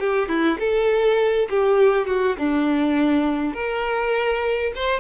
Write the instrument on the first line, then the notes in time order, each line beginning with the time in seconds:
violin
0.00 G4
0.29 E4
0.60 A4
1.50 G4
2.07 F#4
2.38 D4
3.54 A#4
4.76 C5